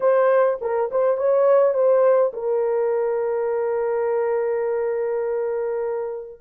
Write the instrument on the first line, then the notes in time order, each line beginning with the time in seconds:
horn
0.00 C5
0.61 A#4
0.91 C5
1.17 C#5
1.73 C5
2.33 A#4